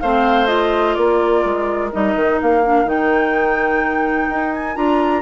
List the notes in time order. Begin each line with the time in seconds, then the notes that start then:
0.00 A3 C4 C5 F5
0.47 F4 D#5
0.94 A#3 A#4 D5
1.44 G#3
1.92 G3 D#4 D#5
2.15 D#3
2.42 A#3 F5
2.64 D4
2.85 D#3 D#4 G5
4.30 D#4
4.53 G#5
4.75 D4 F4 A#5